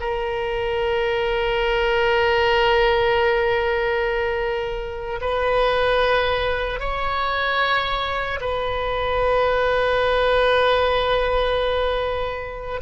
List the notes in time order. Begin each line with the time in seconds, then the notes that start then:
0.00 A#4
5.21 B4
6.80 C#5
8.40 B4